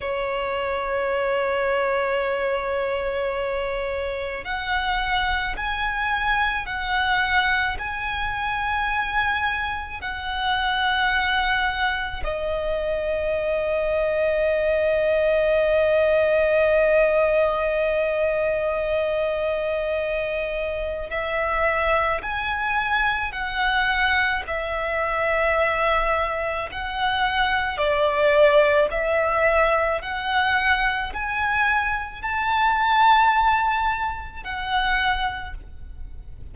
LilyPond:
\new Staff \with { instrumentName = "violin" } { \time 4/4 \tempo 4 = 54 cis''1 | fis''4 gis''4 fis''4 gis''4~ | gis''4 fis''2 dis''4~ | dis''1~ |
dis''2. e''4 | gis''4 fis''4 e''2 | fis''4 d''4 e''4 fis''4 | gis''4 a''2 fis''4 | }